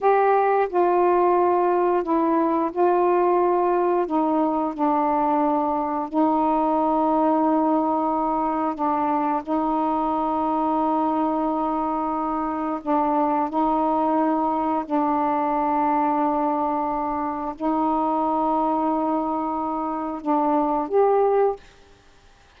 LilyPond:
\new Staff \with { instrumentName = "saxophone" } { \time 4/4 \tempo 4 = 89 g'4 f'2 e'4 | f'2 dis'4 d'4~ | d'4 dis'2.~ | dis'4 d'4 dis'2~ |
dis'2. d'4 | dis'2 d'2~ | d'2 dis'2~ | dis'2 d'4 g'4 | }